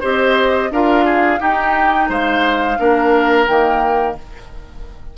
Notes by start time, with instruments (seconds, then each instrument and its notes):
0.00 bassoon C4, clarinet G4, oboe C5, flute D#5
0.70 bassoon D4, clarinet F4, oboe A#4, flute F5
1.05 oboe G#4
1.39 clarinet D#4, bassoon D#4, oboe G4, flute G5
2.09 bassoon G#3, oboe C5, flute F5
2.79 bassoon A#3, clarinet D4, oboe A#4
3.46 bassoon D#3, clarinet A#3, flute G5